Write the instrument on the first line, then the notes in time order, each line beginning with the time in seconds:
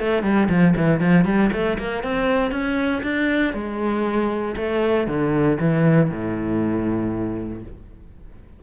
cello
0.00 A3
0.23 G3
0.49 F3
0.77 E3
1.00 F3
1.25 G3
1.53 A3
1.78 A#3
2.03 C4
2.51 C#4
3.03 D4
3.54 G#3
4.56 A3
5.07 D3
5.60 E3
6.10 A2